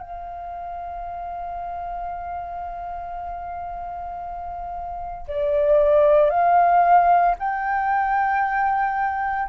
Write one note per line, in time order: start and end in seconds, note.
0.00 5.26 F5
5.28 6.30 D5
6.30 7.35 F5
7.39 9.48 G5